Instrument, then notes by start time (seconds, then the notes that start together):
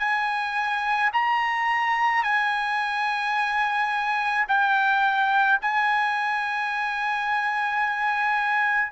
trumpet
0.00 G#5
1.14 A#5
2.24 G#5
4.49 G5
5.62 G#5